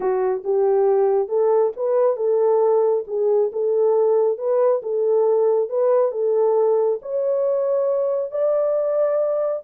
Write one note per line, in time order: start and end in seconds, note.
0.00 0.43 F#4
0.44 1.28 G4
1.28 1.72 A4
1.76 2.16 B4
2.16 3.04 A4
3.07 3.51 G#4
3.52 4.37 A4
4.37 4.81 B4
4.82 5.69 A4
5.69 6.11 B4
6.11 6.99 A4
7.02 8.31 C#5
8.31 9.62 D5